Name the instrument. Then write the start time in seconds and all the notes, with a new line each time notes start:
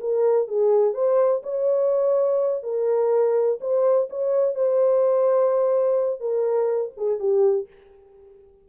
horn
0.00 A#4
0.48 G#4
0.94 C5
1.43 C#5
2.63 A#4
3.60 C5
4.09 C#5
4.55 C5
6.20 A#4
6.97 G#4
7.19 G4